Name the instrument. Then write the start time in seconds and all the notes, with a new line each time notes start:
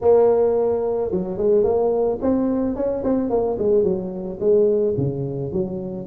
tuba
0.01 A#3
1.11 F#3
1.37 G#3
1.63 A#3
2.21 C4
2.75 C#4
3.04 C4
3.30 A#3
3.58 G#3
3.83 F#3
4.39 G#3
4.97 C#3
5.52 F#3